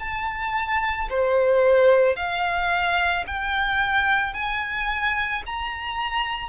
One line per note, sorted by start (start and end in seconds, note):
0.00 1.09 A5
1.10 2.16 C5
2.16 3.25 F5
3.27 4.34 G5
4.34 5.43 G#5
5.46 6.49 A#5